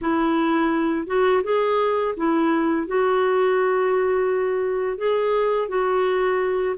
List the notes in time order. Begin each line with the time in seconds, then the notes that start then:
0.01 E4
1.06 F#4
1.43 G#4
2.16 E4
2.87 F#4
4.97 G#4
5.68 F#4